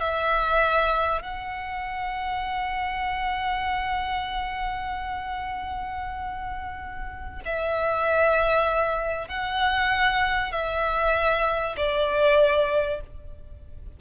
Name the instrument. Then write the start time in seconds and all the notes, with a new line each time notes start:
violin
0.00 E5
1.22 F#5
7.45 E5
9.28 F#5
10.52 E5
11.77 D5